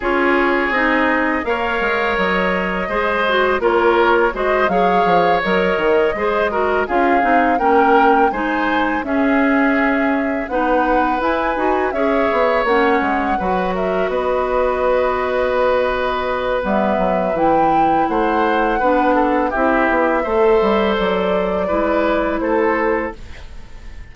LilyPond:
<<
  \new Staff \with { instrumentName = "flute" } { \time 4/4 \tempo 4 = 83 cis''4 dis''4 f''4 dis''4~ | dis''4 cis''4 dis''8 f''4 dis''8~ | dis''4. f''4 g''4 gis''8~ | gis''8 e''2 fis''4 gis''8~ |
gis''8 e''4 fis''4. e''8 dis''8~ | dis''2. e''4 | g''4 fis''2 e''4~ | e''4 d''2 c''4 | }
  \new Staff \with { instrumentName = "oboe" } { \time 4/4 gis'2 cis''2 | c''4 ais'4 c''8 cis''4.~ | cis''8 c''8 ais'8 gis'4 ais'4 c''8~ | c''8 gis'2 b'4.~ |
b'8 cis''2 b'8 ais'8 b'8~ | b'1~ | b'4 c''4 b'8 a'8 g'4 | c''2 b'4 a'4 | }
  \new Staff \with { instrumentName = "clarinet" } { \time 4/4 f'4 dis'4 ais'2 | gis'8 fis'8 f'4 fis'8 gis'4 ais'8~ | ais'8 gis'8 fis'8 f'8 dis'8 cis'4 dis'8~ | dis'8 cis'2 dis'4 e'8 |
fis'8 gis'4 cis'4 fis'4.~ | fis'2. b4 | e'2 d'4 e'4 | a'2 e'2 | }
  \new Staff \with { instrumentName = "bassoon" } { \time 4/4 cis'4 c'4 ais8 gis8 fis4 | gis4 ais4 gis8 fis8 f8 fis8 | dis8 gis4 cis'8 c'8 ais4 gis8~ | gis8 cis'2 b4 e'8 |
dis'8 cis'8 b8 ais8 gis8 fis4 b8~ | b2. g8 fis8 | e4 a4 b4 c'8 b8 | a8 g8 fis4 gis4 a4 | }
>>